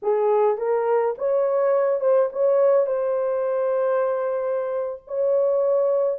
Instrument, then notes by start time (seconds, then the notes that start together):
horn
0.02 G#4
0.57 A#4
1.17 C#5
2.00 C5
2.32 C#5
2.86 C5
5.07 C#5